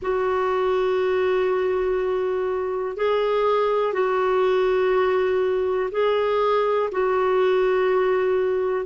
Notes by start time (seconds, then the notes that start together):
0.02 F#4
2.96 G#4
3.93 F#4
5.91 G#4
6.91 F#4